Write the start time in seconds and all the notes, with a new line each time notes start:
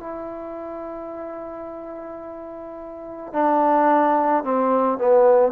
0.00 E4
3.33 D4
4.44 C4
4.98 B3